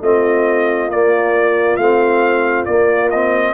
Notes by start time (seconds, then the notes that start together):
0.00 A3 C4 F4 D#5
0.88 A#3 D5
1.76 A3 C4 F5
2.65 A#3 D5
3.10 C4 D#5